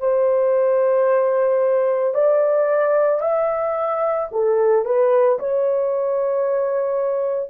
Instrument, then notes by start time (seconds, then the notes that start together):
horn
0.00 C5
2.14 D5
3.21 E5
4.31 A4
4.85 B4
5.40 C#5